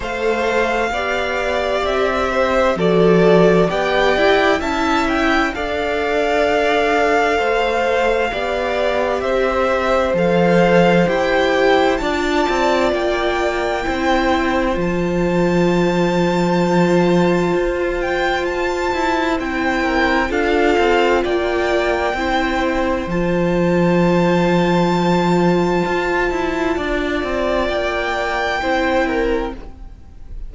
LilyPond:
<<
  \new Staff \with { instrumentName = "violin" } { \time 4/4 \tempo 4 = 65 f''2 e''4 d''4 | g''4 a''8 g''8 f''2~ | f''2 e''4 f''4 | g''4 a''4 g''2 |
a''2.~ a''8 g''8 | a''4 g''4 f''4 g''4~ | g''4 a''2.~ | a''2 g''2 | }
  \new Staff \with { instrumentName = "violin" } { \time 4/4 c''4 d''4. c''8 a'4 | d''4 e''4 d''2 | c''4 d''4 c''2~ | c''4 d''2 c''4~ |
c''1~ | c''4. ais'8 a'4 d''4 | c''1~ | c''4 d''2 c''8 ais'8 | }
  \new Staff \with { instrumentName = "viola" } { \time 4/4 a'4 g'2 fis'4 | g'4 e'4 a'2~ | a'4 g'2 a'4 | g'4 f'2 e'4 |
f'1~ | f'4 e'4 f'2 | e'4 f'2.~ | f'2. e'4 | }
  \new Staff \with { instrumentName = "cello" } { \time 4/4 a4 b4 c'4 f4 | b8 e'8 cis'4 d'2 | a4 b4 c'4 f4 | e'4 d'8 c'8 ais4 c'4 |
f2. f'4~ | f'8 e'8 c'4 d'8 c'8 ais4 | c'4 f2. | f'8 e'8 d'8 c'8 ais4 c'4 | }
>>